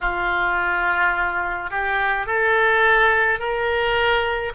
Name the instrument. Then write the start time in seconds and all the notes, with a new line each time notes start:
oboe
0.01 F4
1.70 G4
2.26 A4
3.39 A#4